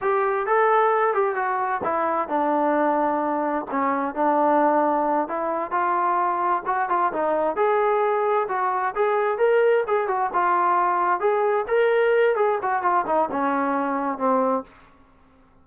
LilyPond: \new Staff \with { instrumentName = "trombone" } { \time 4/4 \tempo 4 = 131 g'4 a'4. g'8 fis'4 | e'4 d'2. | cis'4 d'2~ d'8 e'8~ | e'8 f'2 fis'8 f'8 dis'8~ |
dis'8 gis'2 fis'4 gis'8~ | gis'8 ais'4 gis'8 fis'8 f'4.~ | f'8 gis'4 ais'4. gis'8 fis'8 | f'8 dis'8 cis'2 c'4 | }